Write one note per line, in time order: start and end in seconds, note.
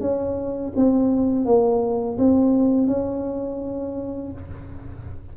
0.00 0.72 C#4
0.76 1.45 C4
1.45 2.17 A#3
2.18 2.87 C4
2.87 4.31 C#4